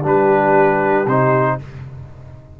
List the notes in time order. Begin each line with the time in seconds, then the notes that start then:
0.00 G3 D4 G4
0.06 B4
1.05 C3 D#4 C5